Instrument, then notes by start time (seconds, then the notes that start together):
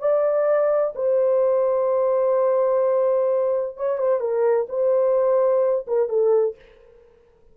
horn
0.00 D5
0.96 C5
3.77 C#5
3.98 C5
4.20 A#4
4.69 C5
5.88 A#4
6.09 A4